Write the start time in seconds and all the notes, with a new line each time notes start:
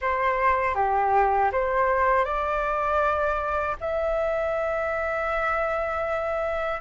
0.01 C5
0.75 G4
1.52 C5
2.24 D5
3.80 E5